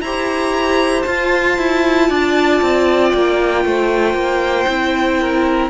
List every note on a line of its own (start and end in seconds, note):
0.00 1.03 E4
0.00 1.05 G4
0.00 2.08 C5
0.00 1.02 A#5
1.02 4.67 F4
1.02 1.58 F4
1.02 3.09 A5
1.58 2.09 E4
2.08 2.61 D4
2.08 3.64 D5
2.61 3.13 C4
3.09 3.64 A#3
3.09 5.68 G5
3.64 4.14 A3
3.64 5.20 C5
4.14 4.66 A#3
4.67 5.70 C4
4.67 5.70 E4
5.20 5.70 A#4